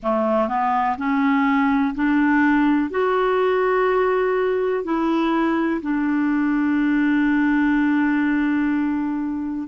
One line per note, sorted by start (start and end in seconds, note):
0.03 0.48 A3
0.48 0.96 B3
0.97 1.94 C#4
1.94 2.90 D4
2.90 4.83 F#4
4.84 5.81 E4
5.81 9.68 D4